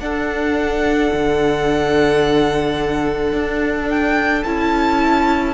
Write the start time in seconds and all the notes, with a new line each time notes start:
0.00 D4 A4 F#5
1.13 D3
3.32 D4
3.90 G5
4.44 C#4 E4 A5